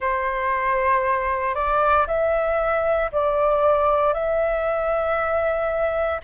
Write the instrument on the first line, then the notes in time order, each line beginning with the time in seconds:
flute
0.00 C5
1.54 D5
2.07 E5
3.11 D5
4.13 E5